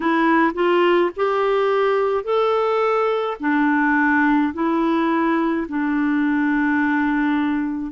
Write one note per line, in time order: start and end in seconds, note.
0.00 0.52 E4
0.54 1.10 F4
1.16 2.24 G4
2.24 3.37 A4
3.40 4.53 D4
4.53 5.67 E4
5.68 7.91 D4